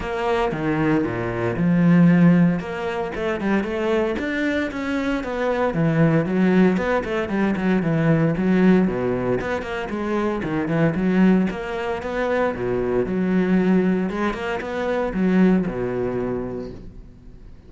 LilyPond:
\new Staff \with { instrumentName = "cello" } { \time 4/4 \tempo 4 = 115 ais4 dis4 ais,4 f4~ | f4 ais4 a8 g8 a4 | d'4 cis'4 b4 e4 | fis4 b8 a8 g8 fis8 e4 |
fis4 b,4 b8 ais8 gis4 | dis8 e8 fis4 ais4 b4 | b,4 fis2 gis8 ais8 | b4 fis4 b,2 | }